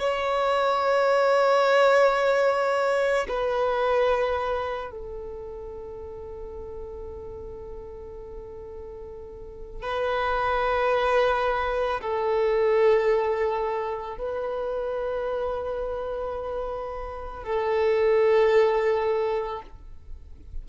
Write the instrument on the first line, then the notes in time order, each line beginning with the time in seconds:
violin
0.00 C#5
3.28 B4
4.91 A4
9.83 B4
12.01 A4
14.18 B4
17.44 A4